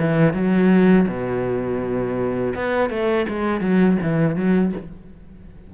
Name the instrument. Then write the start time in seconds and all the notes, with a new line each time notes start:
cello
0.00 E3
0.34 F#3
1.08 B2
2.56 B3
2.90 A3
3.29 G#3
3.61 F#3
4.03 E3
4.36 F#3